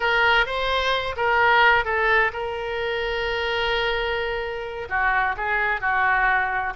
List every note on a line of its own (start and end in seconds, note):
0.00 0.45 A#4
0.45 1.15 C5
1.16 1.85 A#4
1.85 2.31 A4
2.32 4.88 A#4
4.89 5.35 F#4
5.37 5.80 G#4
5.80 6.73 F#4